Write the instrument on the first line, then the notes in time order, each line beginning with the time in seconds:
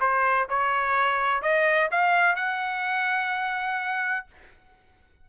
trumpet
0.00 C5
0.49 C#5
1.42 D#5
1.91 F5
2.35 F#5